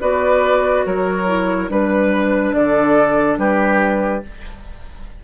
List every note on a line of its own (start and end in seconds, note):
0.00 0.85 B3
0.00 1.26 F#4
0.00 0.85 B4
0.00 0.85 D5
0.85 1.68 F#3
0.85 1.70 A#4
0.85 1.70 C#5
1.26 1.68 E4
1.68 2.53 G3
1.68 4.22 D4
1.68 2.55 B4
1.68 2.52 B4
2.52 3.37 D3
2.52 3.39 A4
2.52 3.37 D5
3.37 4.22 G3
3.37 4.24 G4
3.37 4.23 B4